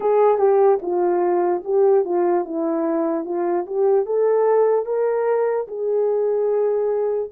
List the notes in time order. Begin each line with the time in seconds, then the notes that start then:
0.00 G#4
0.38 G4
0.81 F4
1.64 G4
2.04 F4
2.45 E4
3.24 F4
3.66 G4
4.05 A4
4.85 A#4
5.68 G#4